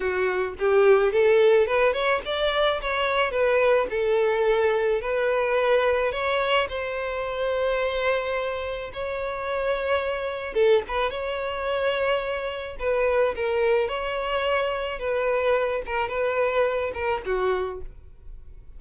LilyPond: \new Staff \with { instrumentName = "violin" } { \time 4/4 \tempo 4 = 108 fis'4 g'4 a'4 b'8 cis''8 | d''4 cis''4 b'4 a'4~ | a'4 b'2 cis''4 | c''1 |
cis''2. a'8 b'8 | cis''2. b'4 | ais'4 cis''2 b'4~ | b'8 ais'8 b'4. ais'8 fis'4 | }